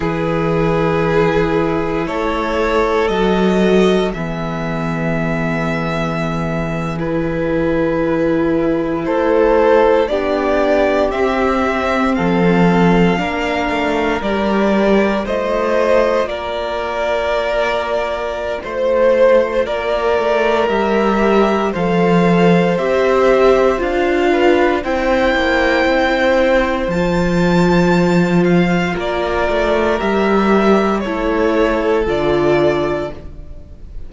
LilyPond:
<<
  \new Staff \with { instrumentName = "violin" } { \time 4/4 \tempo 4 = 58 b'2 cis''4 dis''4 | e''2~ e''8. b'4~ b'16~ | b'8. c''4 d''4 e''4 f''16~ | f''4.~ f''16 d''4 dis''4 d''16~ |
d''2 c''4 d''4 | e''4 f''4 e''4 f''4 | g''2 a''4. f''8 | d''4 e''4 cis''4 d''4 | }
  \new Staff \with { instrumentName = "violin" } { \time 4/4 gis'2 a'2 | gis'1~ | gis'8. a'4 g'2 a'16~ | a'8. ais'2 c''4 ais'16~ |
ais'2 c''4 ais'4~ | ais'4 c''2~ c''8 b'8 | c''1 | ais'2 a'2 | }
  \new Staff \with { instrumentName = "viola" } { \time 4/4 e'2. fis'4 | b2~ b8. e'4~ e'16~ | e'4.~ e'16 d'4 c'4~ c'16~ | c'8. d'4 g'4 f'4~ f'16~ |
f'1 | g'4 a'4 g'4 f'4 | e'2 f'2~ | f'4 g'4 e'4 f'4 | }
  \new Staff \with { instrumentName = "cello" } { \time 4/4 e2 a4 fis4 | e1~ | e8. a4 b4 c'4 f16~ | f8. ais8 a8 g4 a4 ais16~ |
ais2 a4 ais8 a8 | g4 f4 c'4 d'4 | c'8 ais8 c'4 f2 | ais8 a8 g4 a4 d4 | }
>>